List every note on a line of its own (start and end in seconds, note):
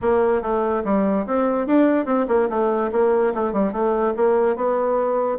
0.01 0.42 A#3
0.42 0.83 A3
0.84 1.25 G3
1.26 1.67 C4
1.67 2.05 D4
2.05 2.26 C4
2.28 2.48 A#3
2.49 2.91 A3
2.92 3.33 A#3
3.34 3.52 A3
3.52 3.72 G3
3.72 4.13 A3
4.16 4.56 A#3
4.56 5.38 B3